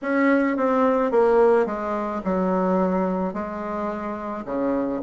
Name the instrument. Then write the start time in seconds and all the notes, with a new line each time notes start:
bassoon
0.02 C#4
0.56 C4
1.11 A#3
1.66 G#3
2.24 F#3
3.33 G#3
4.44 C#3